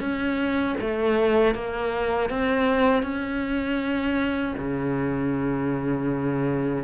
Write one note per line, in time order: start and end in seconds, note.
0.00 0.76 C#4
0.81 1.55 A3
1.55 2.30 A#3
2.30 3.03 C4
3.03 4.55 C#4
4.58 6.84 C#3